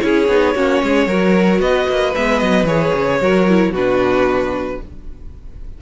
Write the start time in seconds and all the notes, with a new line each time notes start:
0.00 C#4 E4 G#4 C#5
0.28 B3 D#4
0.55 A#3 C#4 F#4
0.83 G#3 G#4
1.07 F#3 F#4 A#4
1.60 B3 B4 D#5
1.89 A#3
2.15 G#3 B3 E5
2.40 F#3 D#5
2.64 E3 G#4 C#5
2.95 C#3
3.22 F#3 F#4 A#4
3.49 E4
3.72 B2 D4 F#4 B4